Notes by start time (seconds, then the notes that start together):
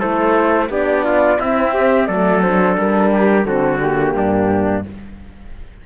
0.00 A3 E4 A4 C5
0.70 B3 D4 G4 D5
1.05 F4
1.40 C4 E4 E5
1.74 G4
2.07 F#3 A3 A4 D5
2.42 D4 C5
2.78 G3 A#4
3.13 G4
3.45 D3 C4 F#4 A4
3.81 A#3 G4
4.16 G2 D4